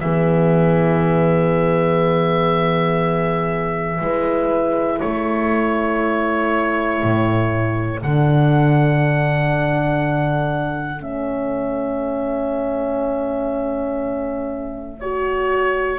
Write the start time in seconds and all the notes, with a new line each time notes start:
0.00 E3 B3 G#4 E5
4.01 G#3 E4 B4
5.00 A3 A4 C#5
7.03 A2
8.03 D3 D4 F#5
11.00 A3 C#4 E5
15.00 F#4 C#5